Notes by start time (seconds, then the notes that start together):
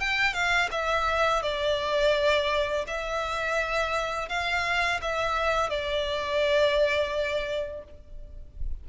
0.00 G5
0.34 F5
0.71 E5
1.43 D5
2.88 E5
4.29 F5
5.02 E5
5.70 D5